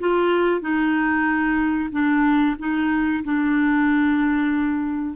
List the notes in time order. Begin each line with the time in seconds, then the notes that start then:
0.00 F4
0.61 D#4
1.92 D4
2.60 D#4
3.24 D4